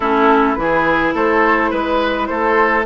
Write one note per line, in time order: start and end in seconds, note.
0.00 0.57 A3
0.00 0.56 C#4
0.00 0.57 E4
0.00 0.54 A4
0.54 1.14 E3
0.54 2.85 E4
0.54 1.11 B4
0.61 1.14 G#4
1.14 1.71 A3
1.14 1.70 A4
1.14 1.72 C5
1.70 2.29 G#3
1.70 2.27 B4
1.70 2.26 B4
2.26 2.86 A3
2.26 2.86 A4
2.26 2.83 C5